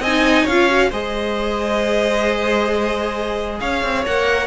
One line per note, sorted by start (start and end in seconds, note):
0.00 0.45 C4
0.00 0.44 D#5
0.00 0.47 G#5
0.07 0.51 D#4
0.44 0.92 C#4
0.44 0.89 C#5
0.44 0.92 F5
0.51 0.69 F4
0.69 0.91 F#4
0.90 3.60 G#3
0.90 4.06 G#4
0.90 3.59 C5
0.90 3.60 D#5
3.60 3.83 C#4
3.60 4.48 C#5
3.60 4.05 F5
3.84 4.06 C4
4.06 4.48 A#3
4.06 4.48 A#4
4.06 4.48 F#5